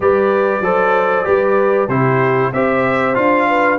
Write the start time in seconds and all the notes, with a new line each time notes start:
0.00 G3 G4 B4 D5
0.60 F#3 A4 C5
1.24 G3 G4 B4
1.87 C3 E4 G4 C5
2.52 C4 G4 C5 E5
3.14 D4 F4 F5
3.48 B4